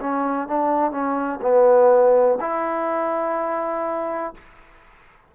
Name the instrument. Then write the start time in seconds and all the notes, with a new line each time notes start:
trombone
0.00 C#4
0.48 D4
0.91 C#4
1.41 B3
2.40 E4